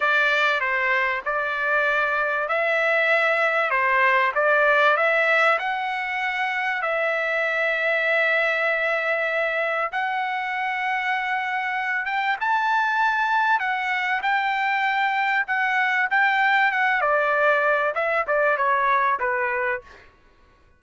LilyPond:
\new Staff \with { instrumentName = "trumpet" } { \time 4/4 \tempo 4 = 97 d''4 c''4 d''2 | e''2 c''4 d''4 | e''4 fis''2 e''4~ | e''1 |
fis''2.~ fis''8 g''8 | a''2 fis''4 g''4~ | g''4 fis''4 g''4 fis''8 d''8~ | d''4 e''8 d''8 cis''4 b'4 | }